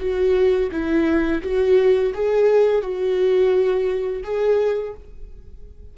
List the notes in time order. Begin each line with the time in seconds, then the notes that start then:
0.00 F#4
0.72 E4
1.43 F#4
2.15 G#4
2.82 F#4
4.24 G#4